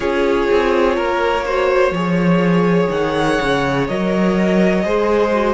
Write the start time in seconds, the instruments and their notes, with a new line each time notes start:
0.00 cello C#4, viola F4, violin G#4 C#5
0.51 cello C4
0.96 cello A#3, violin A#4
1.45 viola F#4, violin C5
1.91 cello F3, viola G#4, violin C#5
2.90 cello D#3, violin F#5
3.41 cello C#3
3.87 cello F#3, viola A#4, violin D#5
4.83 cello G#3, viola G#4, violin C5
5.33 viola F#4